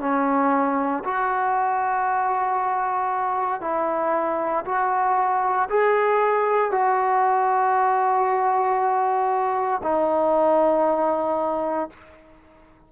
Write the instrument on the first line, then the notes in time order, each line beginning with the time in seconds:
trombone
0.00 C#4
1.04 F#4
3.61 E4
4.65 F#4
5.69 G#4
6.71 F#4
9.83 D#4